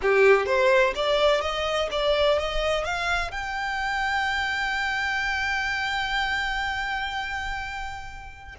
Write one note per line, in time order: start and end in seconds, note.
0.02 0.45 G4
0.45 0.93 C5
0.95 1.41 D5
1.41 1.89 D#5
1.91 2.38 D5
2.39 2.84 D#5
2.84 3.31 F5
3.31 8.55 G5